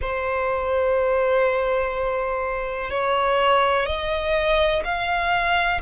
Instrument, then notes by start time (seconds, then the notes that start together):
violin
0.01 C5
2.90 C#5
3.85 D#5
4.84 F5